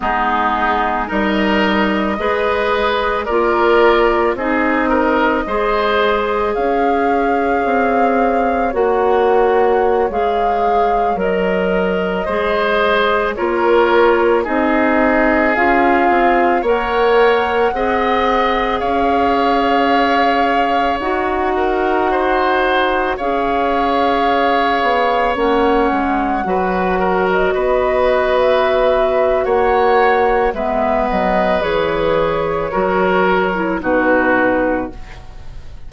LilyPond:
<<
  \new Staff \with { instrumentName = "flute" } { \time 4/4 \tempo 4 = 55 gis'4 dis''2 d''4 | dis''2 f''2 | fis''4~ fis''16 f''4 dis''4.~ dis''16~ | dis''16 cis''4 dis''4 f''4 fis''8.~ |
fis''4~ fis''16 f''2 fis''8.~ | fis''4~ fis''16 f''2 fis''8.~ | fis''4 dis''4 e''4 fis''4 | e''8 dis''8 cis''2 b'4 | }
  \new Staff \with { instrumentName = "oboe" } { \time 4/4 dis'4 ais'4 b'4 ais'4 | gis'8 ais'8 c''4 cis''2~ | cis''2.~ cis''16 c''8.~ | c''16 ais'4 gis'2 cis''8.~ |
cis''16 dis''4 cis''2~ cis''8 ais'16~ | ais'16 c''4 cis''2~ cis''8.~ | cis''16 b'8 ais'8 b'4.~ b'16 cis''4 | b'2 ais'4 fis'4 | }
  \new Staff \with { instrumentName = "clarinet" } { \time 4/4 b4 dis'4 gis'4 f'4 | dis'4 gis'2. | fis'4~ fis'16 gis'4 ais'4 gis'8.~ | gis'16 f'4 dis'4 f'4 ais'8.~ |
ais'16 gis'2. fis'8.~ | fis'4~ fis'16 gis'2 cis'8.~ | cis'16 fis'2.~ fis'8. | b4 gis'4 fis'8. e'16 dis'4 | }
  \new Staff \with { instrumentName = "bassoon" } { \time 4/4 gis4 g4 gis4 ais4 | c'4 gis4 cis'4 c'4 | ais4~ ais16 gis4 fis4 gis8.~ | gis16 ais4 c'4 cis'8 c'8 ais8.~ |
ais16 c'4 cis'2 dis'8.~ | dis'4~ dis'16 cis'4. b8 ais8 gis16~ | gis16 fis4 b4.~ b16 ais4 | gis8 fis8 e4 fis4 b,4 | }
>>